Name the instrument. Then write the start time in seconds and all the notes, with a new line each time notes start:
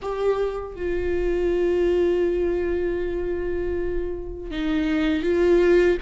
viola
0.02 G4
0.75 F4
4.50 D#4
5.22 F4